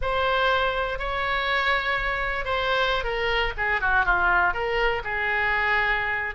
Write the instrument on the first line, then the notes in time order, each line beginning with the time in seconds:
oboe
0.01 C5
0.99 C#5
2.44 C5
3.04 A#4
3.57 G#4
3.80 F#4
4.05 F4
4.53 A#4
5.04 G#4